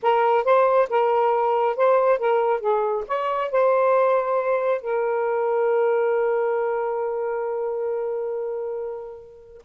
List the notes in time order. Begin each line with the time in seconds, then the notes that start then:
0.02 A#4
0.44 C5
0.89 A#4
1.76 C5
2.18 A#4
2.60 G#4
3.07 C#5
3.51 C5
4.81 A#4